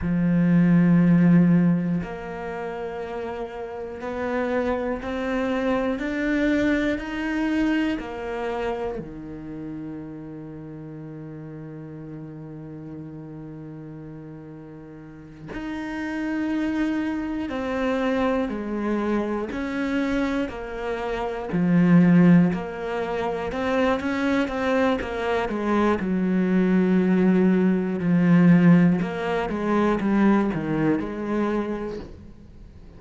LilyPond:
\new Staff \with { instrumentName = "cello" } { \time 4/4 \tempo 4 = 60 f2 ais2 | b4 c'4 d'4 dis'4 | ais4 dis2.~ | dis2.~ dis8 dis'8~ |
dis'4. c'4 gis4 cis'8~ | cis'8 ais4 f4 ais4 c'8 | cis'8 c'8 ais8 gis8 fis2 | f4 ais8 gis8 g8 dis8 gis4 | }